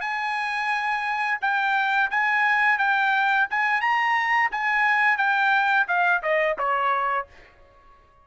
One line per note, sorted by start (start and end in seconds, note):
0.00 1.38 G#5
1.41 2.10 G5
2.11 2.78 G#5
2.78 3.47 G5
3.50 3.81 G#5
3.81 4.50 A#5
4.51 5.17 G#5
5.17 5.86 G5
5.87 6.22 F5
6.22 6.57 D#5
6.58 7.27 C#5